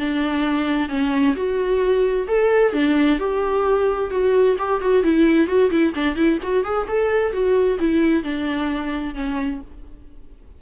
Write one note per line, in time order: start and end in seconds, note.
0.00 0.89 D4
0.89 1.35 C#4
1.36 2.28 F#4
2.28 2.73 A4
2.73 3.19 D4
3.19 4.11 G4
4.11 4.57 F#4
4.59 4.82 G4
4.82 5.04 F#4
5.04 5.48 E4
5.48 5.71 F#4
5.71 5.94 E4
5.95 6.16 D4
6.16 6.39 E4
6.43 6.65 F#4
6.65 6.87 G#4
6.88 7.33 A4
7.33 7.79 F#4
7.80 8.24 E4
8.24 9.15 D4
9.15 9.61 C#4